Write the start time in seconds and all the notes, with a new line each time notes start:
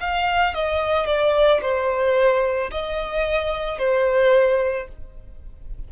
0.00 F5
0.54 D#5
1.06 D5
1.61 C5
2.71 D#5
3.78 C5